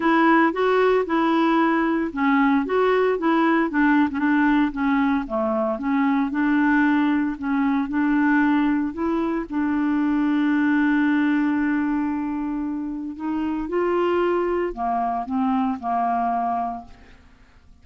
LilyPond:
\new Staff \with { instrumentName = "clarinet" } { \time 4/4 \tempo 4 = 114 e'4 fis'4 e'2 | cis'4 fis'4 e'4 d'8. cis'16 | d'4 cis'4 a4 cis'4 | d'2 cis'4 d'4~ |
d'4 e'4 d'2~ | d'1~ | d'4 dis'4 f'2 | ais4 c'4 ais2 | }